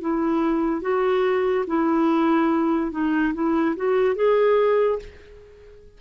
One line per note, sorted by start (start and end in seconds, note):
0.00 0.81 E4
0.81 1.64 F#4
1.67 2.91 E4
2.91 3.33 D#4
3.33 3.75 E4
3.76 4.15 F#4
4.15 4.98 G#4